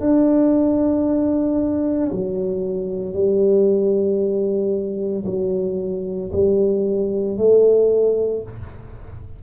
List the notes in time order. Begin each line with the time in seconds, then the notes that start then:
0.00 D4
2.11 F#3
3.14 G3
5.26 F#3
6.33 G3
7.37 A3